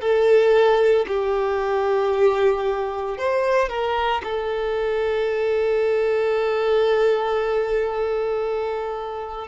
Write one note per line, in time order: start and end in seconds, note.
0.00 1.05 A4
1.07 3.17 G4
3.17 3.69 C5
3.69 4.22 A#4
4.23 9.47 A4